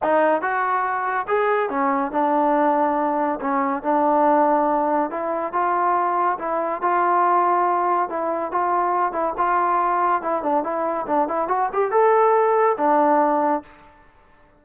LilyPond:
\new Staff \with { instrumentName = "trombone" } { \time 4/4 \tempo 4 = 141 dis'4 fis'2 gis'4 | cis'4 d'2. | cis'4 d'2. | e'4 f'2 e'4 |
f'2. e'4 | f'4. e'8 f'2 | e'8 d'8 e'4 d'8 e'8 fis'8 g'8 | a'2 d'2 | }